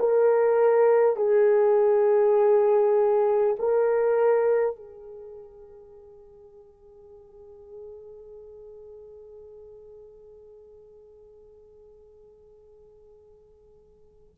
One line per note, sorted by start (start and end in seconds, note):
0.00 1.17 A#4
1.17 3.57 G#4
3.59 4.76 A#4
4.76 14.36 G#4